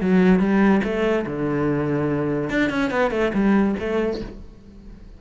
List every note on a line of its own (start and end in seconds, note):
0.00 0.39 F#3
0.39 0.81 G3
0.84 1.25 A3
1.26 2.49 D3
2.49 2.69 D4
2.69 2.90 C#4
2.90 3.11 B3
3.11 3.31 A3
3.33 3.75 G3
3.79 4.20 A3